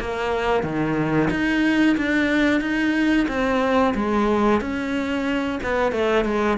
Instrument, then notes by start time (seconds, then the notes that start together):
cello
0.00 A#3
0.63 D#3
1.30 D#4
1.97 D4
2.61 D#4
3.28 C4
3.95 G#3
4.61 C#4
5.63 B3
5.92 A3
6.25 G#3